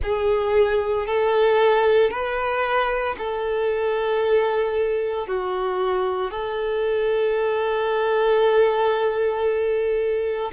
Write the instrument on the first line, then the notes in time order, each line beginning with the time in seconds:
violin
0.02 G#4
1.07 A4
2.10 B4
3.18 A4
5.27 F#4
6.30 A4